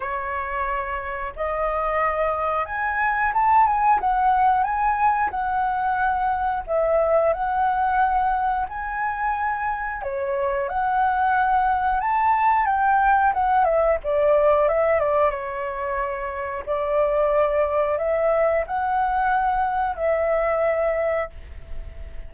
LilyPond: \new Staff \with { instrumentName = "flute" } { \time 4/4 \tempo 4 = 90 cis''2 dis''2 | gis''4 a''8 gis''8 fis''4 gis''4 | fis''2 e''4 fis''4~ | fis''4 gis''2 cis''4 |
fis''2 a''4 g''4 | fis''8 e''8 d''4 e''8 d''8 cis''4~ | cis''4 d''2 e''4 | fis''2 e''2 | }